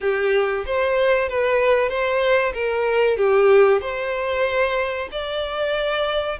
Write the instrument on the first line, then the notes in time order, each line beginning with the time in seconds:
violin
0.00 G4
0.66 C5
1.29 B4
1.89 C5
2.53 A#4
3.17 G4
3.81 C5
5.11 D5